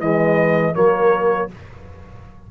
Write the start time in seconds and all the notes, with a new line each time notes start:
0.00 E3 G#3 B4 D#5
0.74 F#3 A#3 A#4 C#5